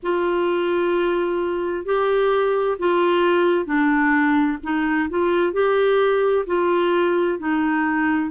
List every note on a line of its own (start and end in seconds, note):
0.03 1.85 F4
1.85 2.77 G4
2.79 3.65 F4
3.65 4.57 D4
4.63 5.09 D#4
5.09 5.52 F4
5.52 6.44 G4
6.46 7.38 F4
7.38 8.30 D#4